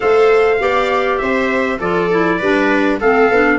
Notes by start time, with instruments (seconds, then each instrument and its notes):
0.00 tuba A3, clarinet A4, viola C5, trumpet F5
0.59 tuba B3, clarinet G4, viola D5
1.18 tuba C4, viola C5, trumpet E5
1.78 tuba F3, clarinet F4, viola A4, trumpet D5
2.10 clarinet E4
2.38 tuba G3, clarinet D4, viola B4
2.99 tuba A3, clarinet C4, viola A4, trumpet F5
3.30 tuba B3, clarinet D4